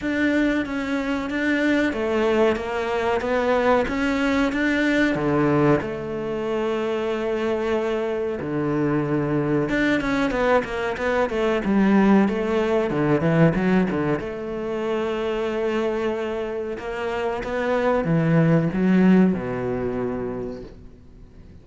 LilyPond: \new Staff \with { instrumentName = "cello" } { \time 4/4 \tempo 4 = 93 d'4 cis'4 d'4 a4 | ais4 b4 cis'4 d'4 | d4 a2.~ | a4 d2 d'8 cis'8 |
b8 ais8 b8 a8 g4 a4 | d8 e8 fis8 d8 a2~ | a2 ais4 b4 | e4 fis4 b,2 | }